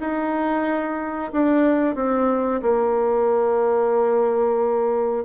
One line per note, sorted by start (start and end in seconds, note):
0.00 1.32 D#4
1.33 1.95 D4
1.95 2.61 C4
2.62 5.25 A#3